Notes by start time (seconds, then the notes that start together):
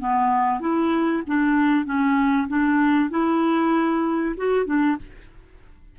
0.00 B3
0.61 E4
1.27 D4
1.86 C#4
2.49 D4
3.11 E4
4.37 F#4
4.66 D4